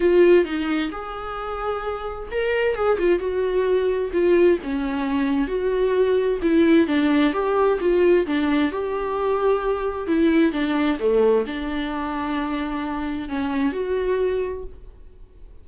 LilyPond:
\new Staff \with { instrumentName = "viola" } { \time 4/4 \tempo 4 = 131 f'4 dis'4 gis'2~ | gis'4 ais'4 gis'8 f'8 fis'4~ | fis'4 f'4 cis'2 | fis'2 e'4 d'4 |
g'4 f'4 d'4 g'4~ | g'2 e'4 d'4 | a4 d'2.~ | d'4 cis'4 fis'2 | }